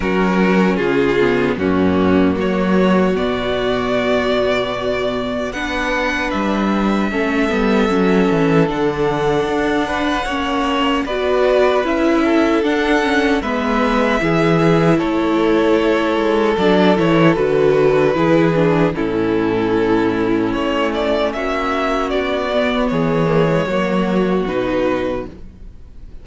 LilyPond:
<<
  \new Staff \with { instrumentName = "violin" } { \time 4/4 \tempo 4 = 76 ais'4 gis'4 fis'4 cis''4 | d''2. fis''4 | e''2. fis''4~ | fis''2 d''4 e''4 |
fis''4 e''2 cis''4~ | cis''4 d''8 cis''8 b'2 | a'2 cis''8 d''8 e''4 | d''4 cis''2 b'4 | }
  \new Staff \with { instrumentName = "violin" } { \time 4/4 fis'4 f'4 cis'4 fis'4~ | fis'2. b'4~ | b'4 a'2.~ | a'8 b'8 cis''4 b'4. a'8~ |
a'4 b'4 gis'4 a'4~ | a'2. gis'4 | e'2. fis'4~ | fis'4 gis'4 fis'2 | }
  \new Staff \with { instrumentName = "viola" } { \time 4/4 cis'4. b8 ais2 | b2. d'4~ | d'4 cis'8 b8 cis'4 d'4~ | d'4 cis'4 fis'4 e'4 |
d'8 cis'8 b4 e'2~ | e'4 d'8 e'8 fis'4 e'8 d'8 | cis'1~ | cis'8 b4 ais16 gis16 ais4 dis'4 | }
  \new Staff \with { instrumentName = "cello" } { \time 4/4 fis4 cis4 fis,4 fis4 | b,2. b4 | g4 a8 g8 fis8 e8 d4 | d'4 ais4 b4 cis'4 |
d'4 gis4 e4 a4~ | a8 gis8 fis8 e8 d4 e4 | a,2 a4 ais4 | b4 e4 fis4 b,4 | }
>>